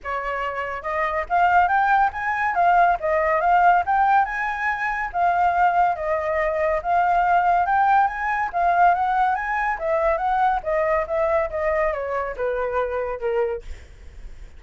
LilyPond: \new Staff \with { instrumentName = "flute" } { \time 4/4 \tempo 4 = 141 cis''2 dis''4 f''4 | g''4 gis''4 f''4 dis''4 | f''4 g''4 gis''2 | f''2 dis''2 |
f''2 g''4 gis''4 | f''4 fis''4 gis''4 e''4 | fis''4 dis''4 e''4 dis''4 | cis''4 b'2 ais'4 | }